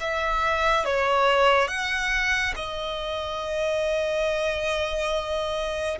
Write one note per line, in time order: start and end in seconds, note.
0.00 0.85 E5
0.85 1.68 C#5
1.68 2.53 F#5
2.56 5.98 D#5